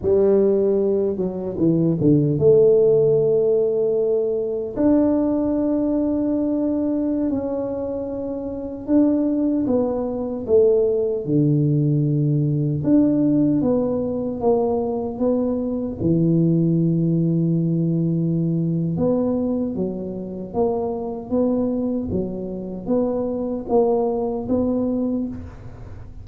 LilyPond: \new Staff \with { instrumentName = "tuba" } { \time 4/4 \tempo 4 = 76 g4. fis8 e8 d8 a4~ | a2 d'2~ | d'4~ d'16 cis'2 d'8.~ | d'16 b4 a4 d4.~ d16~ |
d16 d'4 b4 ais4 b8.~ | b16 e2.~ e8. | b4 fis4 ais4 b4 | fis4 b4 ais4 b4 | }